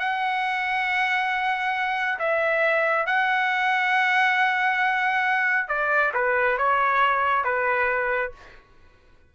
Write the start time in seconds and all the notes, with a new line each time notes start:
0.00 F#5
2.19 E5
3.07 F#5
5.69 D5
6.14 B4
6.58 C#5
7.45 B4